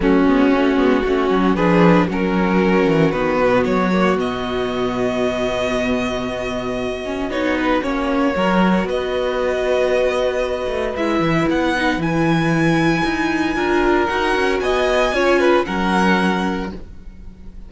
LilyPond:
<<
  \new Staff \with { instrumentName = "violin" } { \time 4/4 \tempo 4 = 115 fis'2. b'4 | ais'2 b'4 cis''4 | dis''1~ | dis''2 cis''8 b'8 cis''4~ |
cis''4 dis''2.~ | dis''4 e''4 fis''4 gis''4~ | gis''2. fis''4 | gis''2 fis''2 | }
  \new Staff \with { instrumentName = "violin" } { \time 4/4 cis'2 fis'4 gis'4 | fis'1~ | fis'1~ | fis'1 |
ais'4 b'2.~ | b'1~ | b'2 ais'2 | dis''4 cis''8 b'8 ais'2 | }
  \new Staff \with { instrumentName = "viola" } { \time 4/4 a8 b8 cis'8 b8 cis'4 d'4 | cis'2 b4. ais8 | b1~ | b4. cis'8 dis'4 cis'4 |
fis'1~ | fis'4 e'4. dis'8 e'4~ | e'2 f'4 fis'4~ | fis'4 f'4 cis'2 | }
  \new Staff \with { instrumentName = "cello" } { \time 4/4 fis8 gis8 a8 gis8 a8 fis8 f4 | fis4. e8 dis8 b,8 fis4 | b,1~ | b,2 b4 ais4 |
fis4 b2.~ | b8 a8 gis8 e8 b4 e4~ | e4 dis'4 d'4 dis'8 cis'8 | b4 cis'4 fis2 | }
>>